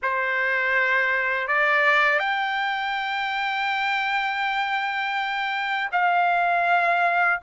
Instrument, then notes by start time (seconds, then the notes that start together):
trumpet
0.02 C5
1.47 D5
2.19 G5
5.92 F5